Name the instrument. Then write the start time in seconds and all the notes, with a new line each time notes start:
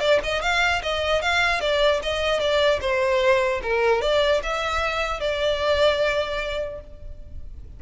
violin
0.00 D5
0.24 D#5
0.42 F5
0.83 D#5
1.22 F5
1.61 D5
2.03 D#5
2.40 D5
2.81 C5
3.63 A#4
4.02 D5
4.43 E5
5.21 D5